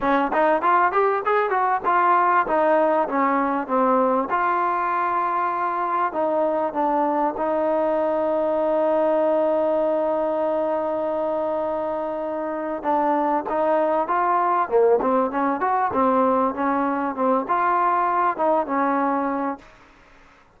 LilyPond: \new Staff \with { instrumentName = "trombone" } { \time 4/4 \tempo 4 = 98 cis'8 dis'8 f'8 g'8 gis'8 fis'8 f'4 | dis'4 cis'4 c'4 f'4~ | f'2 dis'4 d'4 | dis'1~ |
dis'1~ | dis'4 d'4 dis'4 f'4 | ais8 c'8 cis'8 fis'8 c'4 cis'4 | c'8 f'4. dis'8 cis'4. | }